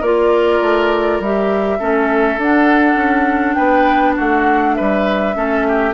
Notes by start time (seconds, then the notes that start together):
0.00 A#3 F4 A#4 D5
0.61 A3
1.20 G3 G4 E5
1.79 A3 C#4 A4
2.37 D4 F#5
2.95 C#4
3.54 B3 B4 G5
4.15 A3 F#4 F#5
4.75 G3 B4 E5
5.34 A3 C#4 A4
5.67 G4